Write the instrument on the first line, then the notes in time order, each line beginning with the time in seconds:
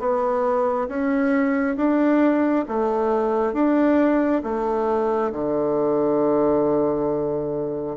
bassoon
0.00 B3
0.89 C#4
1.77 D4
2.69 A3
3.54 D4
4.44 A3
5.33 D3